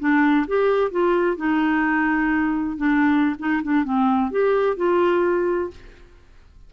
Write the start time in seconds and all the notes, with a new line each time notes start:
0.00 D4
0.48 G4
0.91 F4
1.37 D#4
2.78 D4
3.39 D#4
3.64 D4
3.85 C4
4.31 G4
4.77 F4